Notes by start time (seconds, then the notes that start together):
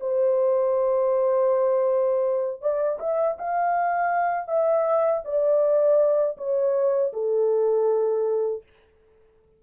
0.00 C5
2.61 D5
2.99 E5
3.38 F5
4.47 E5
5.24 D5
6.37 C#5
7.12 A4